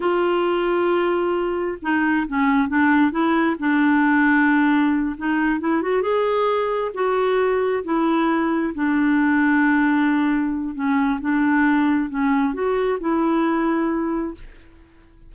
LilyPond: \new Staff \with { instrumentName = "clarinet" } { \time 4/4 \tempo 4 = 134 f'1 | dis'4 cis'4 d'4 e'4 | d'2.~ d'8 dis'8~ | dis'8 e'8 fis'8 gis'2 fis'8~ |
fis'4. e'2 d'8~ | d'1 | cis'4 d'2 cis'4 | fis'4 e'2. | }